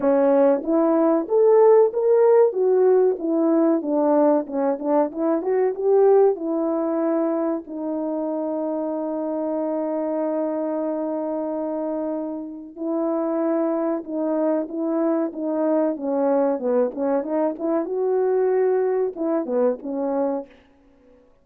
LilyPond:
\new Staff \with { instrumentName = "horn" } { \time 4/4 \tempo 4 = 94 cis'4 e'4 a'4 ais'4 | fis'4 e'4 d'4 cis'8 d'8 | e'8 fis'8 g'4 e'2 | dis'1~ |
dis'1 | e'2 dis'4 e'4 | dis'4 cis'4 b8 cis'8 dis'8 e'8 | fis'2 e'8 b8 cis'4 | }